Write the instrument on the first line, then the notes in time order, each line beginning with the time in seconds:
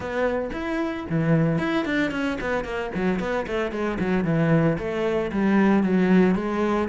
cello
0.00 B3
0.53 E4
1.09 E3
1.58 E4
1.85 D4
2.11 C#4
2.40 B3
2.64 A#3
2.94 F#3
3.19 B3
3.46 A3
3.71 G#3
3.99 F#3
4.24 E3
4.78 A3
5.32 G3
5.83 F#3
6.35 G#3